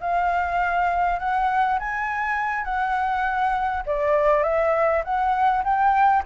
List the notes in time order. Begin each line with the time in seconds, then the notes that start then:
0.00 F5
1.19 F#5
1.79 G#5
2.64 F#5
3.86 D5
4.43 E5
5.04 F#5
5.64 G5